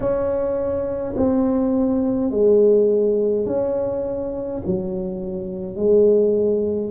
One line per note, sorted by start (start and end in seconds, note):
0.00 1.14 C#4
1.16 2.31 C4
2.31 3.46 G#3
3.46 4.61 C#4
4.66 5.75 F#3
5.75 6.91 G#3